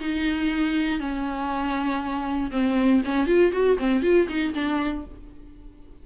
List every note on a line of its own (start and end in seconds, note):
0.00 0.99 D#4
0.99 2.50 C#4
2.51 3.01 C4
3.05 3.27 C#4
3.27 3.52 F4
3.52 3.78 F#4
3.78 4.02 C4
4.02 4.28 F4
4.28 4.53 D#4
4.54 5.05 D4